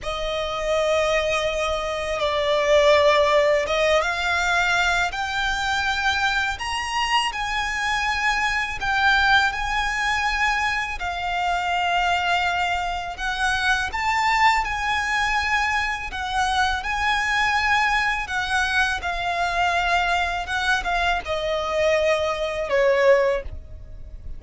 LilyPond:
\new Staff \with { instrumentName = "violin" } { \time 4/4 \tempo 4 = 82 dis''2. d''4~ | d''4 dis''8 f''4. g''4~ | g''4 ais''4 gis''2 | g''4 gis''2 f''4~ |
f''2 fis''4 a''4 | gis''2 fis''4 gis''4~ | gis''4 fis''4 f''2 | fis''8 f''8 dis''2 cis''4 | }